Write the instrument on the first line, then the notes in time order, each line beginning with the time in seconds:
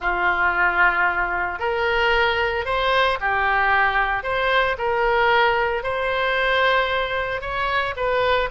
oboe
0.00 F4
1.59 A#4
2.65 C5
3.20 G4
4.23 C5
4.78 A#4
5.83 C5
7.41 C#5
7.96 B4